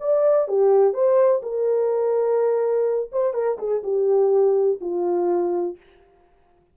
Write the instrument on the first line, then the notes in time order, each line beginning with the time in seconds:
horn
0.00 D5
0.48 G4
0.94 C5
1.43 A#4
3.12 C5
3.34 A#4
3.58 G#4
3.83 G4
4.81 F4